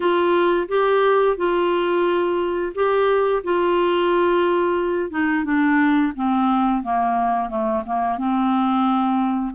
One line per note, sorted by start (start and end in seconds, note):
0.00 0.67 F4
0.68 1.36 G4
1.36 2.73 F4
2.74 3.42 G4
3.43 5.10 F4
5.10 5.44 D#4
5.44 6.12 D4
6.15 6.83 C4
6.83 7.49 A#3
7.49 7.83 A3
7.86 8.18 A#3
8.18 9.54 C4